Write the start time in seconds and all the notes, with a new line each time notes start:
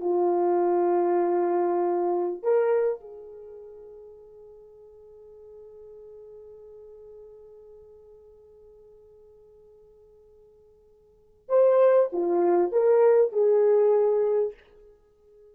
0.00 F4
2.42 A#4
3.00 G#4
11.48 C5
12.12 F4
12.72 A#4
13.32 G#4